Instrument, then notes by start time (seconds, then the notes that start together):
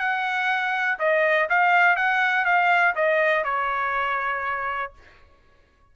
trumpet
0.00 F#5
0.99 D#5
1.50 F5
1.97 F#5
2.45 F5
2.96 D#5
3.45 C#5